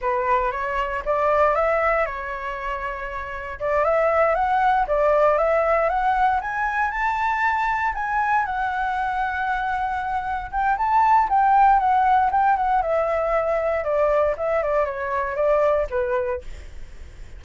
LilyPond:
\new Staff \with { instrumentName = "flute" } { \time 4/4 \tempo 4 = 117 b'4 cis''4 d''4 e''4 | cis''2. d''8 e''8~ | e''8 fis''4 d''4 e''4 fis''8~ | fis''8 gis''4 a''2 gis''8~ |
gis''8 fis''2.~ fis''8~ | fis''8 g''8 a''4 g''4 fis''4 | g''8 fis''8 e''2 d''4 | e''8 d''8 cis''4 d''4 b'4 | }